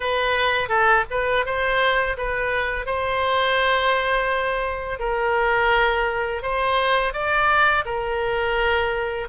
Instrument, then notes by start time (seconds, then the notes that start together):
oboe
0.00 B4
0.69 A4
1.10 B4
1.45 C5
2.17 B4
2.86 C5
4.99 A#4
6.42 C5
7.13 D5
7.85 A#4